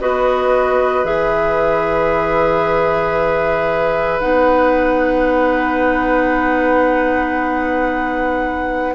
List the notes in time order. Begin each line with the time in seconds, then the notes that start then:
0.00 B3 F#4 B4 D#5
1.04 E3 G#4 E5
4.20 B3 D#4 F#5